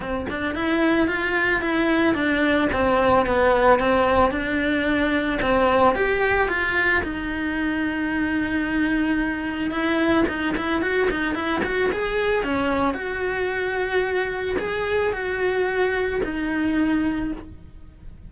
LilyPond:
\new Staff \with { instrumentName = "cello" } { \time 4/4 \tempo 4 = 111 c'8 d'8 e'4 f'4 e'4 | d'4 c'4 b4 c'4 | d'2 c'4 g'4 | f'4 dis'2.~ |
dis'2 e'4 dis'8 e'8 | fis'8 dis'8 e'8 fis'8 gis'4 cis'4 | fis'2. gis'4 | fis'2 dis'2 | }